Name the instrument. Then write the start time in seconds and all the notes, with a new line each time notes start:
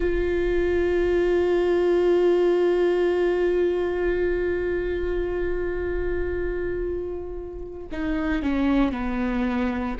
viola
0.00 F4
7.91 D#4
8.42 C#4
8.91 B3